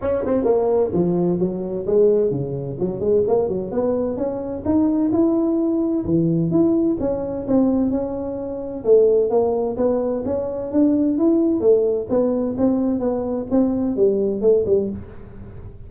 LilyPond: \new Staff \with { instrumentName = "tuba" } { \time 4/4 \tempo 4 = 129 cis'8 c'8 ais4 f4 fis4 | gis4 cis4 fis8 gis8 ais8 fis8 | b4 cis'4 dis'4 e'4~ | e'4 e4 e'4 cis'4 |
c'4 cis'2 a4 | ais4 b4 cis'4 d'4 | e'4 a4 b4 c'4 | b4 c'4 g4 a8 g8 | }